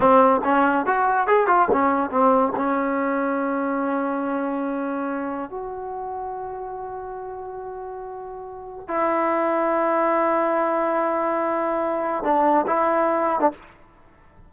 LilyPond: \new Staff \with { instrumentName = "trombone" } { \time 4/4 \tempo 4 = 142 c'4 cis'4 fis'4 gis'8 f'8 | cis'4 c'4 cis'2~ | cis'1~ | cis'4 fis'2.~ |
fis'1~ | fis'4 e'2.~ | e'1~ | e'4 d'4 e'4.~ e'16 d'16 | }